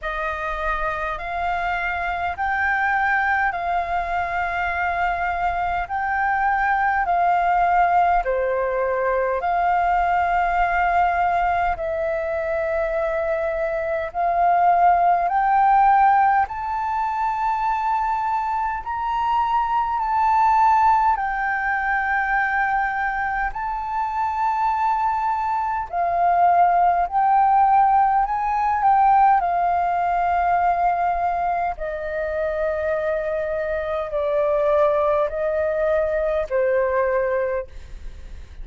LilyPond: \new Staff \with { instrumentName = "flute" } { \time 4/4 \tempo 4 = 51 dis''4 f''4 g''4 f''4~ | f''4 g''4 f''4 c''4 | f''2 e''2 | f''4 g''4 a''2 |
ais''4 a''4 g''2 | a''2 f''4 g''4 | gis''8 g''8 f''2 dis''4~ | dis''4 d''4 dis''4 c''4 | }